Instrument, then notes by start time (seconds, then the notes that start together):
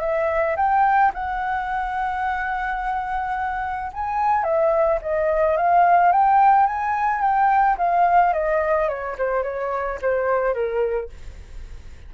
flute
0.00 E5
0.56 G5
1.14 F#5
3.93 G#5
4.43 E5
5.02 D#5
5.57 F5
6.12 G5
6.66 G#5
7.21 G5
7.77 F5
8.33 D#5
8.88 C#5
9.18 C5
9.43 C#5
10.01 C5
10.54 A#4